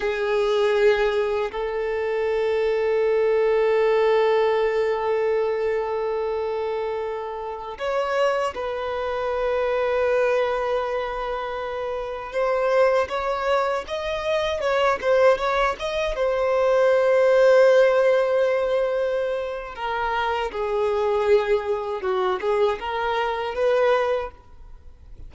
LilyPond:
\new Staff \with { instrumentName = "violin" } { \time 4/4 \tempo 4 = 79 gis'2 a'2~ | a'1~ | a'2~ a'16 cis''4 b'8.~ | b'1~ |
b'16 c''4 cis''4 dis''4 cis''8 c''16~ | c''16 cis''8 dis''8 c''2~ c''8.~ | c''2 ais'4 gis'4~ | gis'4 fis'8 gis'8 ais'4 b'4 | }